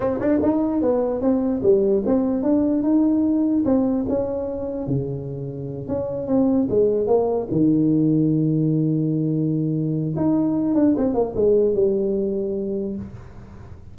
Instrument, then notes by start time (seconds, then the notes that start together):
tuba
0.00 C4
0.19 D4
0.42 D#4
0.81 B3
1.21 C4
1.62 G3
2.05 C4
2.42 D4
2.82 D#4
3.65 C4
4.09 C#4
4.86 C#3
5.88 C#4
6.27 C4
6.69 G#3
7.07 A#3
7.51 D#3
10.16 D#4
10.74 D4
10.97 C4
11.14 A#3
11.35 G#3
11.74 G3